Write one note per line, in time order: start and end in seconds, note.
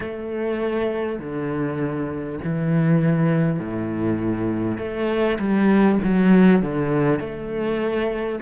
0.00 1.19 A3
1.19 2.39 D3
2.44 3.59 E3
3.59 4.77 A2
4.77 5.37 A3
5.38 5.98 G3
6.03 6.62 F#3
6.62 7.19 D3
7.19 8.39 A3